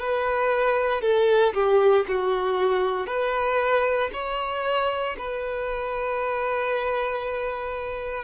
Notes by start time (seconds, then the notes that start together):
0.00 B4
1.02 A4
1.54 G4
2.09 F#4
3.07 B4
4.13 C#5
5.19 B4